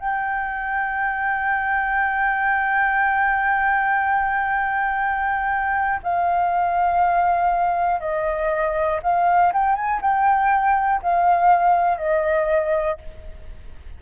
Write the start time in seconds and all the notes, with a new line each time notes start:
0.00 G5
6.03 F5
8.00 D#5
9.02 F5
9.53 G5
9.75 G#5
10.01 G5
11.02 F5
11.98 D#5